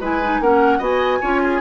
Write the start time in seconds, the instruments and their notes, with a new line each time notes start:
0.00 bassoon G#3, clarinet E4, oboe B4, flute G#5
0.23 clarinet D#4
0.41 bassoon A#3, clarinet C#4, oboe A#4, flute F#5
0.78 bassoon B3, clarinet F#4, oboe D#5, flute G#5
1.21 bassoon C#4, clarinet F4, oboe C#5
1.43 oboe G#4